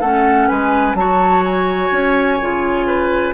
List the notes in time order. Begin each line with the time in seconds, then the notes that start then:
0.00 A3 C#4 A4 F#5
0.47 G#3 B4 G#5
0.94 F#3 F#4 C#5 A5
1.44 G#5
1.91 C#4
2.40 C#3 F4
2.86 B4